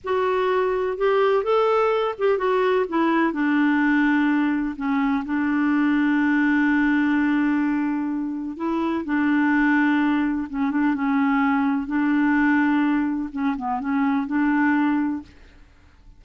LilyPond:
\new Staff \with { instrumentName = "clarinet" } { \time 4/4 \tempo 4 = 126 fis'2 g'4 a'4~ | a'8 g'8 fis'4 e'4 d'4~ | d'2 cis'4 d'4~ | d'1~ |
d'2 e'4 d'4~ | d'2 cis'8 d'8 cis'4~ | cis'4 d'2. | cis'8 b8 cis'4 d'2 | }